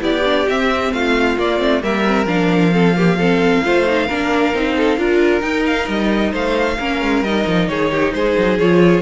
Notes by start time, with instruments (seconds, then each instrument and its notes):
0.00 cello B3, viola E4, violin G4 D5
0.24 viola D4
0.48 viola C4, cello C4, violin E5
0.92 cello A3, violin F4 F5
1.38 cello A#3, viola A#3, violin D5
1.58 cello A3, viola C4
1.82 cello G3, viola A#3, violin A#4 E5
2.06 viola C4
2.25 cello F3, viola D4, violin F5
2.72 viola C4, violin A4
2.95 viola A#3, violin G4
3.18 viola C4, violin A4
3.64 cello A3, viola F4, violin C5
3.86 viola D#4
4.06 cello A#3, viola D4, violin A#4
4.53 cello C4, viola D#4
4.76 violin A4
4.97 cello D4, viola F4, violin A#4
5.40 viola D#4, cello D#4, violin G5
5.66 violin F5
5.87 cello G3, violin D#5
6.31 cello A3, violin C5 F5
6.79 cello A#3, viola C#4, violin A#4
7.01 cello G#3
7.22 cello G3, viola D#4, violin D#5
7.47 cello F3
7.68 cello D#3, violin G#4 C#5
7.91 violin G4
8.13 cello G#3, violin G#4 C5
8.38 cello F#3
8.58 cello F3, viola F4, violin C#5